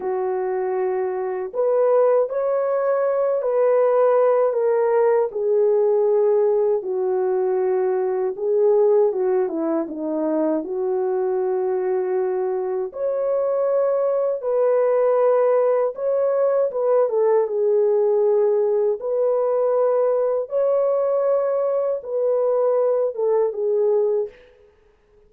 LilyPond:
\new Staff \with { instrumentName = "horn" } { \time 4/4 \tempo 4 = 79 fis'2 b'4 cis''4~ | cis''8 b'4. ais'4 gis'4~ | gis'4 fis'2 gis'4 | fis'8 e'8 dis'4 fis'2~ |
fis'4 cis''2 b'4~ | b'4 cis''4 b'8 a'8 gis'4~ | gis'4 b'2 cis''4~ | cis''4 b'4. a'8 gis'4 | }